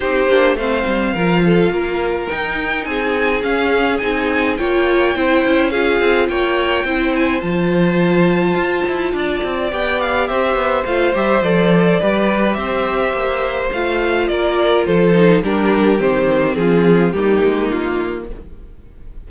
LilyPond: <<
  \new Staff \with { instrumentName = "violin" } { \time 4/4 \tempo 4 = 105 c''4 f''2. | g''4 gis''4 f''4 gis''4 | g''2 f''4 g''4~ | g''8 gis''8 a''2.~ |
a''4 g''8 f''8 e''4 f''8 e''8 | d''2 e''2 | f''4 d''4 c''4 ais'4 | c''4 gis'4 g'4 f'4 | }
  \new Staff \with { instrumentName = "violin" } { \time 4/4 g'4 c''4 ais'8 a'8 ais'4~ | ais'4 gis'2. | cis''4 c''4 gis'4 cis''4 | c''1 |
d''2 c''2~ | c''4 b'4 c''2~ | c''4 ais'4 a'4 g'4~ | g'4 f'4 dis'2 | }
  \new Staff \with { instrumentName = "viola" } { \time 4/4 dis'8 d'8 c'4 f'2 | dis'2 cis'4 dis'4 | f'4 e'4 f'2 | e'4 f'2.~ |
f'4 g'2 f'8 g'8 | a'4 g'2. | f'2~ f'8 dis'8 d'4 | c'2 ais2 | }
  \new Staff \with { instrumentName = "cello" } { \time 4/4 c'8 ais8 a8 g8 f4 ais4 | dis'4 c'4 cis'4 c'4 | ais4 c'8 cis'4 c'8 ais4 | c'4 f2 f'8 e'8 |
d'8 c'8 b4 c'8 b8 a8 g8 | f4 g4 c'4 ais4 | a4 ais4 f4 g4 | dis4 f4 g8 gis8 ais4 | }
>>